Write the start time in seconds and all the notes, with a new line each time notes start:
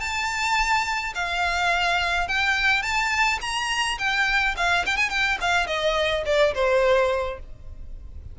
0.00 A5
1.15 F5
2.28 G5
2.82 A5
3.41 A#5
3.99 G5
4.57 F5
4.86 G5
4.97 G#5
5.10 G5
5.41 F5
5.67 D#5
6.26 D5
6.54 C5